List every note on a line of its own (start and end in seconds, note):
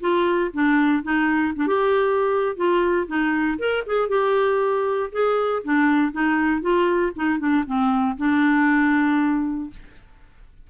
0.00 0.51 F4
0.53 1.03 D4
1.03 1.53 D#4
1.56 1.67 D4
1.67 2.56 G4
2.56 3.07 F4
3.07 3.58 D#4
3.58 3.84 A#4
3.86 4.08 G#4
4.08 5.10 G4
5.12 5.63 G#4
5.64 6.12 D4
6.12 6.61 D#4
6.61 7.12 F4
7.16 7.39 D#4
7.39 7.64 D4
7.66 8.17 C4
8.17 9.70 D4